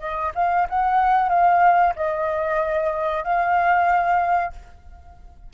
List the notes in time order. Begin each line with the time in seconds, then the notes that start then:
0.00 D#5
0.35 F5
0.70 F#5
1.29 F5
1.96 D#5
3.24 F5